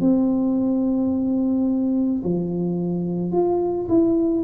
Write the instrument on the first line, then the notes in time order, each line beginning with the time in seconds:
tuba
0.00 C4
2.24 F3
3.32 F4
3.88 E4